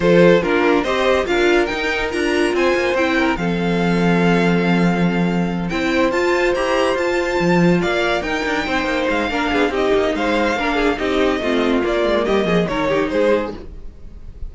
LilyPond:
<<
  \new Staff \with { instrumentName = "violin" } { \time 4/4 \tempo 4 = 142 c''4 ais'4 dis''4 f''4 | g''4 ais''4 gis''4 g''4 | f''1~ | f''4. g''4 a''4 ais''8~ |
ais''8 a''2 f''4 g''8~ | g''4. f''4. dis''4 | f''2 dis''2 | d''4 dis''4 cis''4 c''4 | }
  \new Staff \with { instrumentName = "violin" } { \time 4/4 a'4 f'4 c''4 ais'4~ | ais'2 c''4. ais'8 | a'1~ | a'4. c''2~ c''8~ |
c''2~ c''8 d''4 ais'8~ | ais'8 c''4. ais'8 gis'8 g'4 | c''4 ais'8 gis'8 g'4 f'4~ | f'4 g'8 gis'8 ais'8 g'8 gis'4 | }
  \new Staff \with { instrumentName = "viola" } { \time 4/4 f'4 d'4 g'4 f'4 | dis'4 f'2 e'4 | c'1~ | c'4. e'4 f'4 g'8~ |
g'8 f'2. dis'8~ | dis'2 d'4 dis'4~ | dis'4 d'4 dis'4 c'4 | ais2 dis'2 | }
  \new Staff \with { instrumentName = "cello" } { \time 4/4 f4 ais4 c'4 d'4 | dis'4 d'4 c'8 ais8 c'4 | f1~ | f4. c'4 f'4 e'8~ |
e'8 f'4 f4 ais4 dis'8 | d'8 c'8 ais8 gis8 ais8 b8 c'8 ais8 | gis4 ais4 c'4 a4 | ais8 gis8 g8 f8 dis4 gis4 | }
>>